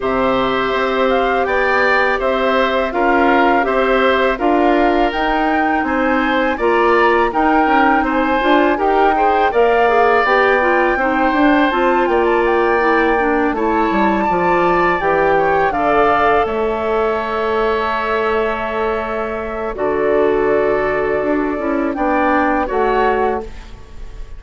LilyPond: <<
  \new Staff \with { instrumentName = "flute" } { \time 4/4 \tempo 4 = 82 e''4. f''8 g''4 e''4 | f''4 e''4 f''4 g''4 | gis''4 ais''4 g''4 gis''4 | g''4 f''4 g''2 |
a''8 g''16 a''16 g''4. a''4.~ | a''8 g''4 f''4 e''4.~ | e''2. d''4~ | d''2 g''4 fis''4 | }
  \new Staff \with { instrumentName = "oboe" } { \time 4/4 c''2 d''4 c''4 | ais'4 c''4 ais'2 | c''4 d''4 ais'4 c''4 | ais'8 c''8 d''2 c''4~ |
c''8 d''2 cis''4 d''8~ | d''4 cis''8 d''4 cis''4.~ | cis''2. a'4~ | a'2 d''4 cis''4 | }
  \new Staff \with { instrumentName = "clarinet" } { \time 4/4 g'1 | f'4 g'4 f'4 dis'4~ | dis'4 f'4 dis'4. f'8 | g'8 gis'8 ais'8 gis'8 g'8 f'8 dis'8 d'8 |
f'4. e'8 d'8 e'4 f'8~ | f'8 g'4 a'2~ a'8~ | a'2. fis'4~ | fis'4. e'8 d'4 fis'4 | }
  \new Staff \with { instrumentName = "bassoon" } { \time 4/4 c4 c'4 b4 c'4 | cis'4 c'4 d'4 dis'4 | c'4 ais4 dis'8 cis'8 c'8 d'8 | dis'4 ais4 b4 c'8 d'8 |
c'8 ais2 a8 g8 f8~ | f8 e4 d4 a4.~ | a2. d4~ | d4 d'8 cis'8 b4 a4 | }
>>